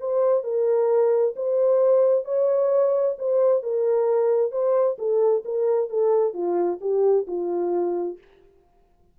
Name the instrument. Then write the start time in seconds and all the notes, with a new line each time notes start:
horn
0.00 C5
0.43 A#4
1.36 C5
2.25 C#5
3.18 C5
3.63 A#4
4.51 C5
4.98 A4
5.45 A#4
5.89 A4
6.33 F4
6.81 G4
7.27 F4